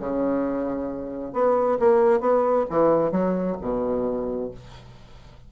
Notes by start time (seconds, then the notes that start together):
0.00 C#3
1.33 B3
1.79 A#3
2.20 B3
2.70 E3
3.11 F#3
3.61 B2